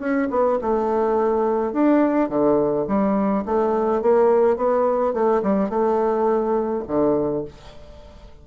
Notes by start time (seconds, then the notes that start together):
0.00 C#4
0.30 B3
0.62 A3
1.73 D4
2.29 D3
2.88 G3
3.46 A3
4.02 A#3
4.57 B3
5.14 A3
5.43 G3
5.70 A3
6.88 D3